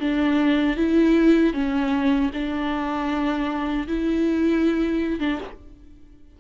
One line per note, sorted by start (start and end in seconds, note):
0.00 0.77 D4
0.77 1.53 E4
1.53 2.30 C#4
2.33 3.87 D4
3.87 5.20 E4
5.20 5.39 D4